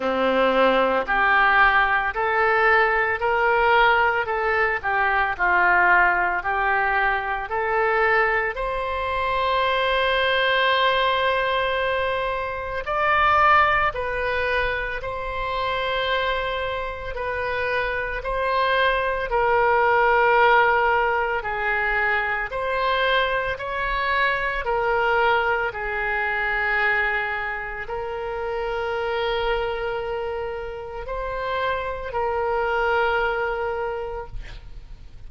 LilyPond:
\new Staff \with { instrumentName = "oboe" } { \time 4/4 \tempo 4 = 56 c'4 g'4 a'4 ais'4 | a'8 g'8 f'4 g'4 a'4 | c''1 | d''4 b'4 c''2 |
b'4 c''4 ais'2 | gis'4 c''4 cis''4 ais'4 | gis'2 ais'2~ | ais'4 c''4 ais'2 | }